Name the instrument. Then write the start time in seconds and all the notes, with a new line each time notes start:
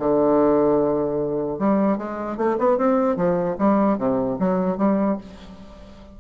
bassoon
0.00 D3
1.59 G3
1.98 G#3
2.38 A3
2.59 B3
2.78 C4
3.17 F3
3.59 G3
3.98 C3
4.40 F#3
4.78 G3